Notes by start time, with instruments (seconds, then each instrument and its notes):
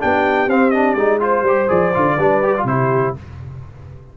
0.00 tuba B3, trombone D4, horn G4, trumpet G5
0.47 tuba C4, trombone C4, trumpet F5
0.70 trombone D4, trumpet D#5
0.94 tuba G#3, trombone D#4, trumpet D5
1.20 trombone F4, horn C5, trumpet C5
1.42 tuba G3
1.48 trombone G4
1.68 tuba F3, trombone G#4, trumpet D5
1.94 tuba D3, trombone F4
2.15 tuba G3, trombone D4, horn B4
2.43 trombone G4
2.57 trombone F4
2.63 tuba C3, trombone E4, horn G4, trumpet C5